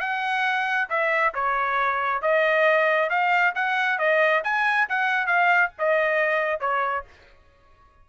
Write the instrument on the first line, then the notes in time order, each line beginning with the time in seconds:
trumpet
0.00 F#5
0.89 E5
1.34 C#5
2.22 D#5
3.10 F5
3.55 F#5
3.98 D#5
4.44 G#5
4.89 F#5
5.27 F5
5.78 D#5
6.60 C#5